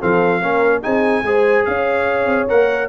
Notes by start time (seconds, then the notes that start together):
0.00 F3 C4 A4 F5
0.40 A#3 C#4 A#4
0.82 C4 D#4 G#4 G#5
1.22 G#3 G#4 C5
1.65 C#4 C#5 F5
2.25 C4
2.48 A#3 A#4 F#5